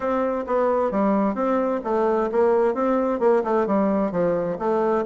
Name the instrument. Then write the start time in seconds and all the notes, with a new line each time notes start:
bassoon
0.00 C4
0.47 B3
0.91 G3
1.34 C4
1.84 A3
2.31 A#3
2.74 C4
3.19 A#3
3.44 A3
3.66 G3
4.11 F3
4.58 A3